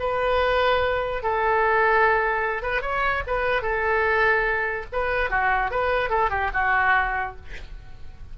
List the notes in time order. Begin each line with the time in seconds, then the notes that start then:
0.00 B4
1.23 A4
2.63 B4
2.82 C#5
3.27 B4
3.62 A4
4.93 B4
5.31 F#4
5.72 B4
6.10 A4
6.30 G4
6.54 F#4